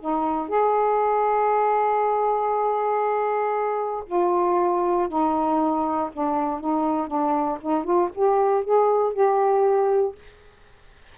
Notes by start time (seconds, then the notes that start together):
0.00 D#4
0.48 G#4
4.07 F4
5.08 D#4
6.13 D4
6.61 D#4
7.07 D4
7.61 D#4
7.84 F4
8.15 G4
8.64 G#4
9.13 G4